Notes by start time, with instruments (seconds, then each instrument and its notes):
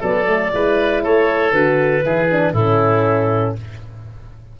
0.00 tuba F#3, horn B3, oboe A4, clarinet D5
0.26 horn A3
0.53 tuba G#3, horn E4, oboe B4
1.03 tuba A3, oboe A4, clarinet C#5
1.52 tuba D3, horn F#4, clarinet B4
2.04 tuba E3, horn E4, oboe G#4
2.32 horn D4
2.53 tuba A2, horn C#4, oboe E4, clarinet A4